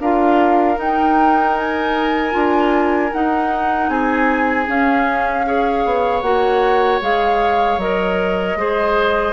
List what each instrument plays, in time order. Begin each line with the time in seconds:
0.00 bassoon D4, clarinet F4, oboe A#4, flute F5
0.76 clarinet D#4, bassoon D#4, flute G5
1.58 flute G#5
2.32 bassoon D4, clarinet F4
3.13 bassoon D#4, clarinet D#4, flute F#5
3.89 bassoon C4, oboe G#4, flute G#5
4.68 clarinet C#4, bassoon C#4, flute F5
5.46 clarinet G#4, oboe C#5
5.85 bassoon B3
6.22 bassoon A#3, clarinet F#4, flute F#5
7.01 bassoon G#3, clarinet G#4, flute F5
7.78 bassoon F#3, clarinet A#4, flute D#5
8.56 bassoon G#3, clarinet G#4, oboe C5